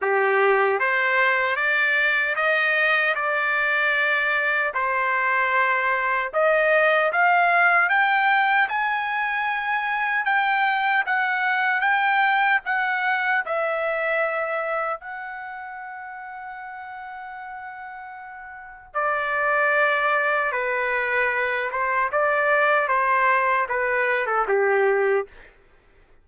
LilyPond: \new Staff \with { instrumentName = "trumpet" } { \time 4/4 \tempo 4 = 76 g'4 c''4 d''4 dis''4 | d''2 c''2 | dis''4 f''4 g''4 gis''4~ | gis''4 g''4 fis''4 g''4 |
fis''4 e''2 fis''4~ | fis''1 | d''2 b'4. c''8 | d''4 c''4 b'8. a'16 g'4 | }